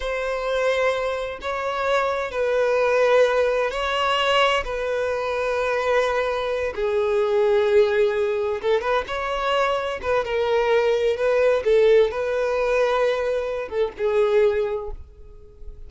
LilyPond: \new Staff \with { instrumentName = "violin" } { \time 4/4 \tempo 4 = 129 c''2. cis''4~ | cis''4 b'2. | cis''2 b'2~ | b'2~ b'8 gis'4.~ |
gis'2~ gis'8 a'8 b'8 cis''8~ | cis''4. b'8 ais'2 | b'4 a'4 b'2~ | b'4. a'8 gis'2 | }